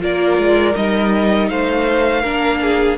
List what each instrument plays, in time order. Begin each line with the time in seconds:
0.00 cello A#3, viola F4, violin A#4 D5
0.38 cello G#3
0.75 cello G3, viola D#4, violin D#5
1.50 cello A3, violin C5 F5
2.22 cello A#3, viola D4, violin A#4
2.62 violin G#4